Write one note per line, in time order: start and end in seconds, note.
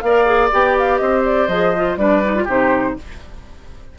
0.00 0.52 A#3
0.00 1.02 D5
0.00 0.49 F5
0.06 0.26 A#4
0.26 0.50 G#4
0.52 1.01 B3
0.52 1.50 G4
0.52 0.78 G5
0.79 0.98 F5
0.98 1.48 C4
0.98 1.99 C5
0.98 1.22 D#5
1.25 1.49 D5
1.48 1.97 F3
1.48 1.75 G#4
1.48 1.97 D#5
1.76 1.98 F4
1.97 2.46 G3
1.97 2.23 D4
1.97 2.44 B4
1.97 2.47 D5
2.24 2.36 D#4
2.36 2.48 F4
2.44 2.97 C3
2.44 2.97 D#4
2.44 2.93 G4
2.44 2.99 C5